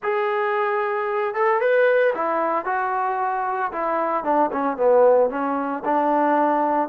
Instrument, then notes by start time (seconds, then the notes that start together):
trombone
0.02 G#4
1.34 A4
1.60 B4
2.15 E4
2.65 F#4
3.72 E4
4.23 D4
4.52 C#4
4.76 B3
5.30 C#4
5.85 D4